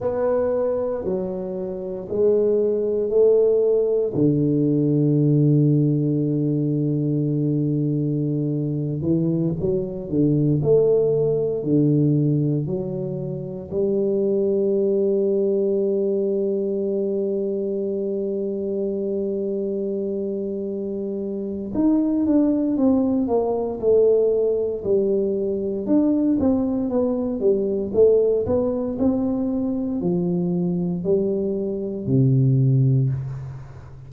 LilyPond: \new Staff \with { instrumentName = "tuba" } { \time 4/4 \tempo 4 = 58 b4 fis4 gis4 a4 | d1~ | d8. e8 fis8 d8 a4 d8.~ | d16 fis4 g2~ g8.~ |
g1~ | g4 dis'8 d'8 c'8 ais8 a4 | g4 d'8 c'8 b8 g8 a8 b8 | c'4 f4 g4 c4 | }